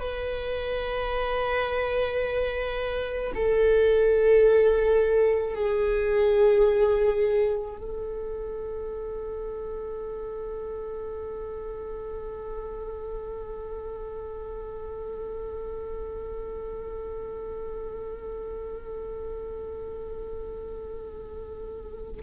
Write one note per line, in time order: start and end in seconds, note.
0.00 3.33 B4
3.35 5.55 A4
5.55 7.77 G#4
7.77 22.22 A4